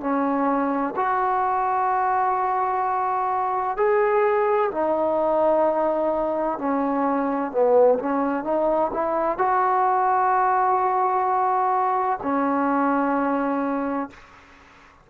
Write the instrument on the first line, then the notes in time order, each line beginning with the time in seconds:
trombone
0.00 C#4
0.95 F#4
3.76 G#4
4.71 D#4
6.58 C#4
7.51 B3
7.99 C#4
8.44 D#4
8.93 E4
9.37 F#4
12.22 C#4